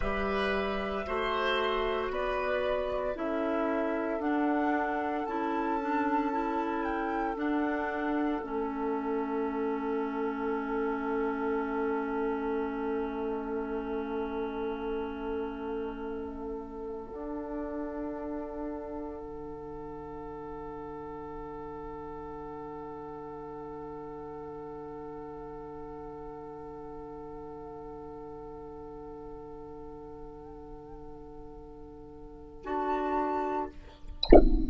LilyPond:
<<
  \new Staff \with { instrumentName = "flute" } { \time 4/4 \tempo 4 = 57 e''2 d''4 e''4 | fis''4 a''4. g''8 fis''4 | e''1~ | e''1~ |
e''16 fis''2.~ fis''8.~ | fis''1~ | fis''1~ | fis''2. a''4 | }
  \new Staff \with { instrumentName = "oboe" } { \time 4/4 b'4 c''4 b'4 a'4~ | a'1~ | a'1~ | a'1~ |
a'1~ | a'1~ | a'1~ | a'1 | }
  \new Staff \with { instrumentName = "clarinet" } { \time 4/4 g'4 fis'2 e'4 | d'4 e'8 d'8 e'4 d'4 | cis'1~ | cis'1~ |
cis'16 d'2.~ d'8.~ | d'1~ | d'1~ | d'2. fis'4 | }
  \new Staff \with { instrumentName = "bassoon" } { \time 4/4 g4 a4 b4 cis'4 | d'4 cis'2 d'4 | a1~ | a1~ |
a16 d'2 d4.~ d16~ | d1~ | d1~ | d2. d'4 | }
>>